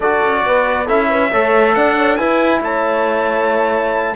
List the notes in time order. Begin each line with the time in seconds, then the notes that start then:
0.00 D4 F#4 A4 D5
0.23 C#4
0.46 B3 B4
0.85 C#4 E4 A4 E5
1.09 B4
1.30 A3 A4 C#5
1.74 D4 D5 F#5
1.96 C#5
2.16 E4 B4 G#5
2.60 A3 C#5 A5